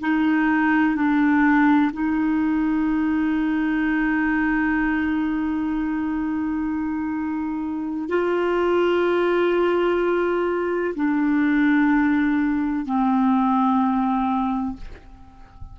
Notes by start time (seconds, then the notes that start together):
0.00 D#4
0.95 D4
1.93 D#4
8.09 F4
10.95 D4
12.86 C4